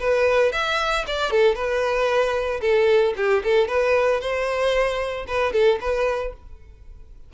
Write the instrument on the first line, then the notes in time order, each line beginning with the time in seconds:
violin
0.00 B4
0.52 E5
1.07 D5
1.31 A4
1.55 B4
2.61 A4
3.17 G4
3.44 A4
3.68 B4
4.20 C5
5.28 B4
5.53 A4
5.80 B4